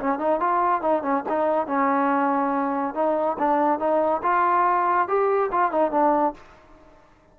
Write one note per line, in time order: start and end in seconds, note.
0.00 0.19 C#4
0.19 0.40 D#4
0.41 0.82 F4
0.82 1.03 D#4
1.03 1.24 C#4
1.29 1.67 D#4
1.67 2.95 C#4
2.95 3.38 D#4
3.39 3.80 D4
3.80 4.22 D#4
4.23 5.08 F4
5.08 5.51 G4
5.52 5.72 F4
5.72 5.92 D#4
5.92 6.34 D4